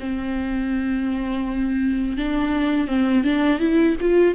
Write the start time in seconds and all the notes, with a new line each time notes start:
0.00 C4
2.17 D4
2.87 C4
3.24 D4
3.60 E4
4.01 F4